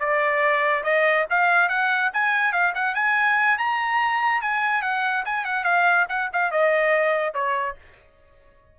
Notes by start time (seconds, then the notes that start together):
0.00 D5
0.84 D#5
1.30 F5
1.69 F#5
2.13 G#5
2.53 F5
2.75 F#5
2.95 G#5
3.59 A#5
4.42 G#5
4.82 F#5
5.26 G#5
5.45 F#5
5.65 F5
6.09 F#5
6.33 F5
6.51 D#5
7.34 C#5